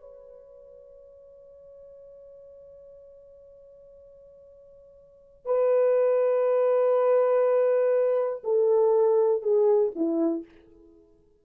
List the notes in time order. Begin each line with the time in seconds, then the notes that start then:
0.00 C#5
5.45 B4
8.43 A4
9.42 G#4
9.95 E4